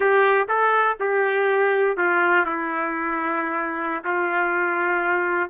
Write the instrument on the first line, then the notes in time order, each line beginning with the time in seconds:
trumpet
0.00 G4
0.48 A4
1.00 G4
1.97 F4
2.45 E4
4.04 F4